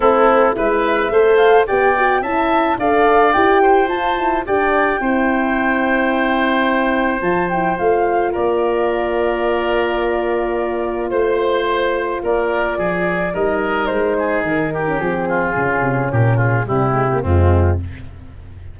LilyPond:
<<
  \new Staff \with { instrumentName = "flute" } { \time 4/4 \tempo 4 = 108 a'4 e''4. f''8 g''4 | a''4 f''4 g''4 a''4 | g''1~ | g''4 a''8 g''8 f''4 d''4~ |
d''1 | c''2 d''2 | dis''4 c''4 ais'4 gis'4~ | gis'4 ais'8 gis'8 g'4 f'4 | }
  \new Staff \with { instrumentName = "oboe" } { \time 4/4 e'4 b'4 c''4 d''4 | e''4 d''4. c''4. | d''4 c''2.~ | c''2. ais'4~ |
ais'1 | c''2 ais'4 gis'4 | ais'4. gis'4 g'4 f'8~ | f'4 g'8 f'8 e'4 c'4 | }
  \new Staff \with { instrumentName = "horn" } { \time 4/4 c'4 e'4 a'4 g'8 fis'8 | e'4 a'4 g'4 f'8 e'8 | d'4 e'2.~ | e'4 f'8 e'8 f'2~ |
f'1~ | f'1 | dis'2~ dis'8. cis'16 c'4 | cis'2 g8 gis16 ais16 gis4 | }
  \new Staff \with { instrumentName = "tuba" } { \time 4/4 a4 gis4 a4 b4 | cis'4 d'4 e'4 f'4 | g'4 c'2.~ | c'4 f4 a4 ais4~ |
ais1 | a2 ais4 f4 | g4 gis4 dis4 f4 | cis8 c8 ais,4 c4 f,4 | }
>>